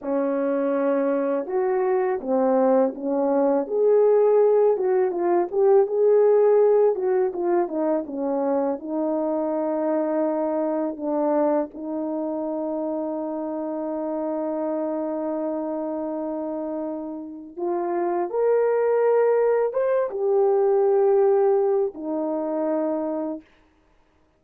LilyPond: \new Staff \with { instrumentName = "horn" } { \time 4/4 \tempo 4 = 82 cis'2 fis'4 c'4 | cis'4 gis'4. fis'8 f'8 g'8 | gis'4. fis'8 f'8 dis'8 cis'4 | dis'2. d'4 |
dis'1~ | dis'1 | f'4 ais'2 c''8 g'8~ | g'2 dis'2 | }